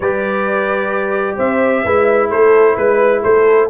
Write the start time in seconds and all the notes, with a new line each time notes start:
0.00 G3 G4 B4 D5
1.36 C4 C5 E5
1.84 G#3 E4 B4
2.30 A3 A4 C5
2.75 G#3 B4
3.22 A3 A4 C5